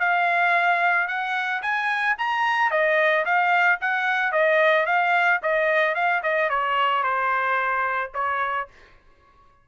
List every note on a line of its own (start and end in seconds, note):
0.00 1.08 F5
1.08 1.62 F#5
1.62 2.16 G#5
2.18 2.71 A#5
2.71 3.25 D#5
3.26 3.80 F5
3.81 4.32 F#5
4.32 4.86 D#5
4.86 5.41 F5
5.43 5.95 D#5
5.95 6.22 F5
6.23 6.50 D#5
6.50 7.03 C#5
7.03 8.11 C5
8.14 8.68 C#5